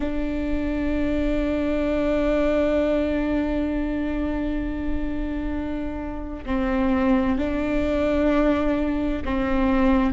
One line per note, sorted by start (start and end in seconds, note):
0.00 6.44 D4
6.45 7.38 C4
7.38 9.22 D4
9.24 10.12 C4